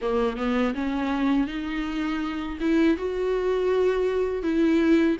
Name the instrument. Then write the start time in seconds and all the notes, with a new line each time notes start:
viola
0.01 A#3
0.37 B3
0.74 C#4
1.47 D#4
2.60 E4
2.97 F#4
4.42 E4